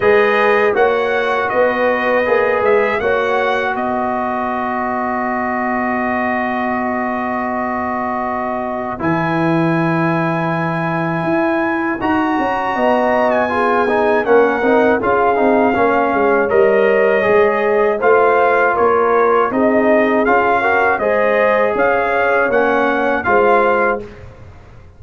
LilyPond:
<<
  \new Staff \with { instrumentName = "trumpet" } { \time 4/4 \tempo 4 = 80 dis''4 fis''4 dis''4. e''8 | fis''4 dis''2.~ | dis''1 | gis''1 |
ais''4.~ ais''16 gis''4~ gis''16 fis''4 | f''2 dis''2 | f''4 cis''4 dis''4 f''4 | dis''4 f''4 fis''4 f''4 | }
  \new Staff \with { instrumentName = "horn" } { \time 4/4 b'4 cis''4 b'2 | cis''4 b'2.~ | b'1~ | b'1~ |
b'4 dis''4 gis'4 ais'4 | gis'4 cis''2. | c''4 ais'4 gis'4. ais'8 | c''4 cis''2 c''4 | }
  \new Staff \with { instrumentName = "trombone" } { \time 4/4 gis'4 fis'2 gis'4 | fis'1~ | fis'1 | e'1 |
fis'2 f'8 dis'8 cis'8 dis'8 | f'8 dis'8 cis'4 ais'4 gis'4 | f'2 dis'4 f'8 fis'8 | gis'2 cis'4 f'4 | }
  \new Staff \with { instrumentName = "tuba" } { \time 4/4 gis4 ais4 b4 ais8 gis8 | ais4 b2.~ | b1 | e2. e'4 |
dis'8 cis'8 b2 ais8 c'8 | cis'8 c'8 ais8 gis8 g4 gis4 | a4 ais4 c'4 cis'4 | gis4 cis'4 ais4 gis4 | }
>>